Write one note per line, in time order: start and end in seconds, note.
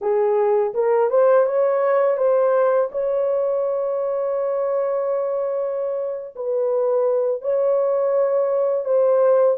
0.01 0.73 G#4
0.74 1.10 A#4
1.10 1.46 C5
1.46 2.17 C#5
2.17 2.89 C5
2.91 6.35 C#5
6.35 7.41 B4
7.41 8.85 C#5
8.85 9.57 C5